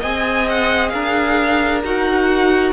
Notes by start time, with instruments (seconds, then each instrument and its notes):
0.00 cello C4, viola G#4, violin D#5 G#5
0.49 violin F#5
0.89 cello D4, violin A#4 F5
1.84 cello D#4, viola F#4, violin F#5